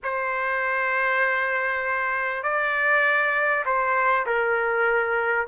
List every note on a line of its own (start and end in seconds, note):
0.03 2.43 C5
2.43 3.64 D5
3.65 4.26 C5
4.26 5.47 A#4